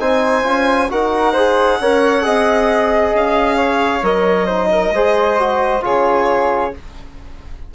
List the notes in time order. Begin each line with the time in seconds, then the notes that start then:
0.00 C4 D#4 C5 G#5
0.43 C#4 F4
0.89 D#4 F#4 A#4 F#5
1.33 G#4 C5
1.81 C#4 A#4 C#5
2.22 C4 G#4 D#5
3.14 C#4 F5
3.57 C#5
4.03 F#3 A#4 D#5
4.46 D#4 C5
4.72 A#4
4.91 G#3 G#4 C5
5.40 F#4
5.82 C#3 F4 G#4 C#5